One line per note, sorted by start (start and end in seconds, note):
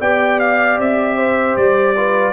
0.00 0.78 B3
0.00 1.96 G4
0.00 1.17 D5
0.00 0.40 G5
0.40 0.79 F5
0.78 1.56 C4
0.78 1.56 E5
1.17 1.95 C5
1.56 2.32 G3
1.56 2.32 D5
1.96 2.32 F4
1.96 2.32 B4